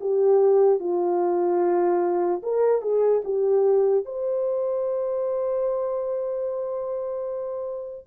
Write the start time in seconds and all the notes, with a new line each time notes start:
0.00 G4
0.79 F4
2.43 A#4
2.81 G#4
3.24 G4
4.05 C5